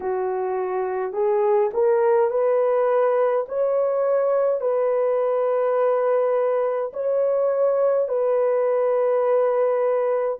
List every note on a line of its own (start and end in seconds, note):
0.00 1.12 F#4
1.12 1.70 G#4
1.73 2.30 A#4
2.30 3.46 B4
3.48 4.60 C#5
4.60 6.91 B4
6.93 8.08 C#5
8.08 10.38 B4